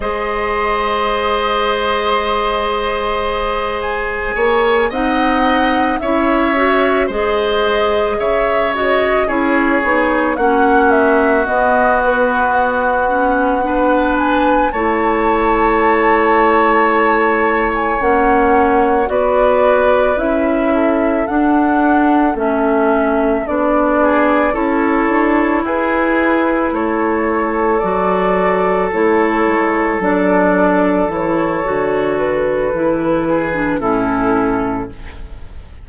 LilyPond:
<<
  \new Staff \with { instrumentName = "flute" } { \time 4/4 \tempo 4 = 55 dis''2.~ dis''8 gis''8~ | gis''8 fis''4 e''4 dis''4 e''8 | dis''8 cis''4 fis''8 e''8 dis''8 b'8 fis''8~ | fis''4 gis''8 a''2~ a''8~ |
a''16 gis''16 fis''4 d''4 e''4 fis''8~ | fis''8 e''4 d''4 cis''4 b'8~ | b'8 cis''4 d''4 cis''4 d''8~ | d''8 cis''4 b'4. a'4 | }
  \new Staff \with { instrumentName = "oboe" } { \time 4/4 c''1 | cis''8 dis''4 cis''4 c''4 cis''8~ | cis''8 gis'4 fis'2~ fis'8~ | fis'8 b'4 cis''2~ cis''8~ |
cis''4. b'4. a'4~ | a'2 gis'8 a'4 gis'8~ | gis'8 a'2.~ a'8~ | a'2~ a'8 gis'8 e'4 | }
  \new Staff \with { instrumentName = "clarinet" } { \time 4/4 gis'1~ | gis'8 dis'4 e'8 fis'8 gis'4. | fis'8 e'8 dis'8 cis'4 b4. | cis'8 d'4 e'2~ e'8~ |
e'8 cis'4 fis'4 e'4 d'8~ | d'8 cis'4 d'4 e'4.~ | e'4. fis'4 e'4 d'8~ | d'8 e'8 fis'4 e'8. d'16 cis'4 | }
  \new Staff \with { instrumentName = "bassoon" } { \time 4/4 gis1 | ais8 c'4 cis'4 gis4 cis8~ | cis8 cis'8 b8 ais4 b4.~ | b4. a2~ a8~ |
a8 ais4 b4 cis'4 d'8~ | d'8 a4 b4 cis'8 d'8 e'8~ | e'8 a4 fis4 a8 gis8 fis8~ | fis8 e8 d4 e4 a,4 | }
>>